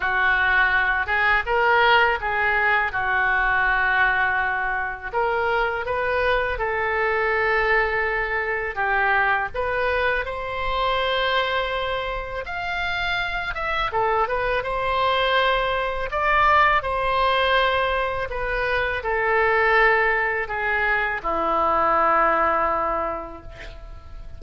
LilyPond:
\new Staff \with { instrumentName = "oboe" } { \time 4/4 \tempo 4 = 82 fis'4. gis'8 ais'4 gis'4 | fis'2. ais'4 | b'4 a'2. | g'4 b'4 c''2~ |
c''4 f''4. e''8 a'8 b'8 | c''2 d''4 c''4~ | c''4 b'4 a'2 | gis'4 e'2. | }